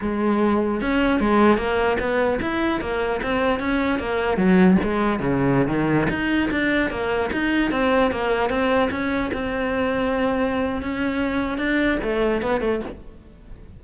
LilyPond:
\new Staff \with { instrumentName = "cello" } { \time 4/4 \tempo 4 = 150 gis2 cis'4 gis4 | ais4 b4 e'4 ais4 | c'4 cis'4 ais4 fis4 | gis4 cis4~ cis16 dis4 dis'8.~ |
dis'16 d'4 ais4 dis'4 c'8.~ | c'16 ais4 c'4 cis'4 c'8.~ | c'2. cis'4~ | cis'4 d'4 a4 b8 a8 | }